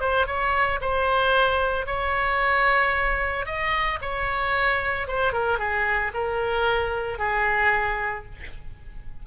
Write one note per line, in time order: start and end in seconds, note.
0.00 0.27 C5
0.27 0.80 C#5
0.81 1.86 C5
1.86 3.46 C#5
3.46 3.99 D#5
4.01 5.07 C#5
5.07 5.32 C5
5.32 5.58 A#4
5.58 6.12 G#4
6.14 7.19 A#4
7.19 8.25 G#4